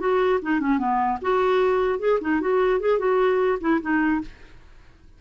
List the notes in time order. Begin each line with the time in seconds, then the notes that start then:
0.00 F#4
0.42 D#4
0.60 C#4
0.79 B3
1.22 F#4
1.99 G#4
2.21 D#4
2.41 F#4
2.80 G#4
2.99 F#4
3.61 E4
3.81 D#4